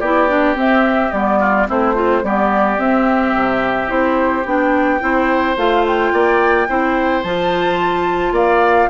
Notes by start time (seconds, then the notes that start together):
0.00 B3 E4 G4 D5
0.29 D4
0.55 C4 E5
1.12 G3 B3 D5
1.40 F4
1.67 A3 C4 E4 C5
1.95 C4 F4
2.23 G3 B3 G4 D5
2.78 C4 E5
3.35 C3
3.87 C4 E4 C5
4.46 B3 D4 G5
5.01 C4 E4 C5
5.57 A3 F4 F5
5.87 G5
6.13 A#3 D5
6.68 C4 E4 C5
7.23 F3 F4 A5
8.32 A#3 D5 F5